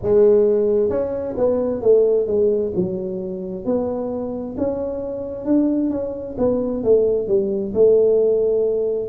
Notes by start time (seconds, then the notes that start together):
0.02 G#3
0.89 C#4
1.37 B3
1.81 A3
2.26 G#3
2.75 F#3
3.65 B3
4.57 C#4
5.45 D4
5.90 C#4
6.38 B3
6.83 A3
7.27 G3
7.74 A3